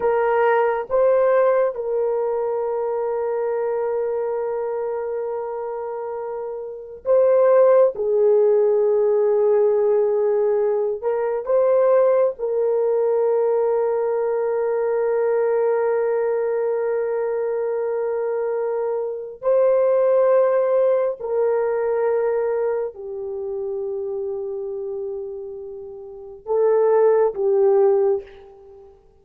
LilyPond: \new Staff \with { instrumentName = "horn" } { \time 4/4 \tempo 4 = 68 ais'4 c''4 ais'2~ | ais'1 | c''4 gis'2.~ | gis'8 ais'8 c''4 ais'2~ |
ais'1~ | ais'2 c''2 | ais'2 g'2~ | g'2 a'4 g'4 | }